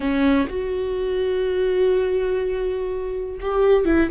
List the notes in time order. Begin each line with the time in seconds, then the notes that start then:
0.00 C#4
0.48 F#4
3.40 G4
3.85 E4